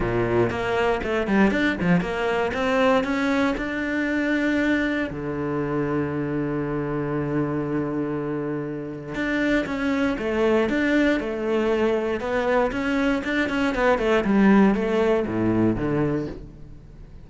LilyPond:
\new Staff \with { instrumentName = "cello" } { \time 4/4 \tempo 4 = 118 ais,4 ais4 a8 g8 d'8 f8 | ais4 c'4 cis'4 d'4~ | d'2 d2~ | d1~ |
d2 d'4 cis'4 | a4 d'4 a2 | b4 cis'4 d'8 cis'8 b8 a8 | g4 a4 a,4 d4 | }